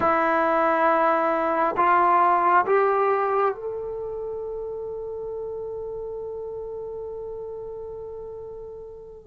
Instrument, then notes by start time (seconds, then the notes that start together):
trombone
0.00 E4
1.76 F4
2.66 G4
3.54 A4